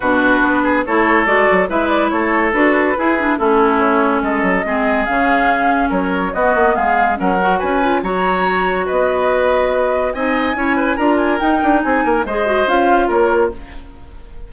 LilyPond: <<
  \new Staff \with { instrumentName = "flute" } { \time 4/4 \tempo 4 = 142 b'2 cis''4 d''4 | e''8 d''8 cis''4 b'2 | a'4 cis''4 dis''2 | f''2 cis''4 dis''4 |
f''4 fis''4 gis''4 ais''4~ | ais''4 dis''2. | gis''2 ais''8 gis''8 g''4 | gis''4 dis''4 f''4 cis''4 | }
  \new Staff \with { instrumentName = "oboe" } { \time 4/4 fis'4. gis'8 a'2 | b'4 a'2 gis'4 | e'2 a'4 gis'4~ | gis'2 ais'4 fis'4 |
gis'4 ais'4 b'4 cis''4~ | cis''4 b'2. | dis''4 cis''8 b'8 ais'2 | gis'8 ais'8 c''2 ais'4 | }
  \new Staff \with { instrumentName = "clarinet" } { \time 4/4 d'2 e'4 fis'4 | e'2 fis'4 e'8 d'8 | cis'2. c'4 | cis'2. b4~ |
b4 cis'8 fis'4 f'8 fis'4~ | fis'1 | dis'4 e'4 f'4 dis'4~ | dis'4 gis'8 fis'8 f'2 | }
  \new Staff \with { instrumentName = "bassoon" } { \time 4/4 b,4 b4 a4 gis8 fis8 | gis4 a4 d'4 e'4 | a2 gis8 fis8 gis4 | cis2 fis4 b8 ais8 |
gis4 fis4 cis'4 fis4~ | fis4 b2. | c'4 cis'4 d'4 dis'8 d'8 | c'8 ais8 gis4 cis'4 ais4 | }
>>